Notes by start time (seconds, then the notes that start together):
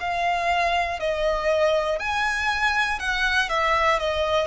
0.00 F5
1.00 D#5
1.99 G#5
2.99 F#5
3.49 E5
3.99 D#5